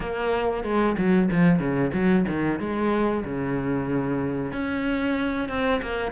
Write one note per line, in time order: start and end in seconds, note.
0.00 0.63 A#3
0.63 0.96 G#3
0.97 1.29 F#3
1.31 1.59 F3
1.59 1.91 C#3
1.93 2.25 F#3
2.28 2.59 D#3
2.59 3.24 G#3
3.25 4.52 C#3
4.52 5.48 C#4
5.48 5.81 C4
5.82 6.11 A#3